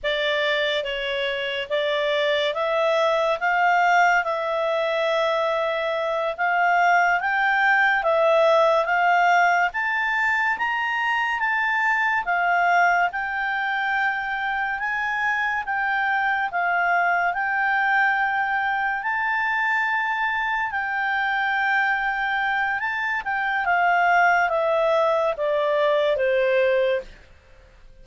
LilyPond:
\new Staff \with { instrumentName = "clarinet" } { \time 4/4 \tempo 4 = 71 d''4 cis''4 d''4 e''4 | f''4 e''2~ e''8 f''8~ | f''8 g''4 e''4 f''4 a''8~ | a''8 ais''4 a''4 f''4 g''8~ |
g''4. gis''4 g''4 f''8~ | f''8 g''2 a''4.~ | a''8 g''2~ g''8 a''8 g''8 | f''4 e''4 d''4 c''4 | }